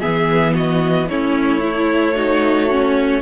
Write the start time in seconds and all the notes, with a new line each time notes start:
0.00 E3 B3 G#4 E5
0.55 F#4 D#5
1.09 A3 C#4 E4 C#5
1.60 E4
2.15 D#4 F#4
2.71 C#4